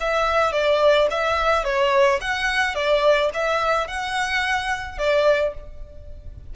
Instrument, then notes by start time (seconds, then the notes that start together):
violin
0.00 E5
0.52 D5
1.10 E5
1.64 C#5
2.21 F#5
2.74 D5
3.33 E5
3.87 F#5
4.98 D5